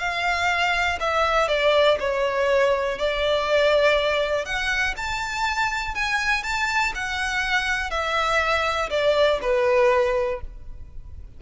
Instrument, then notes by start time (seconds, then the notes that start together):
violin
0.00 F5
1.00 E5
1.48 D5
2.00 C#5
2.99 D5
4.45 F#5
4.97 A5
5.95 G#5
6.43 A5
6.95 F#5
7.90 E5
8.90 D5
9.42 B4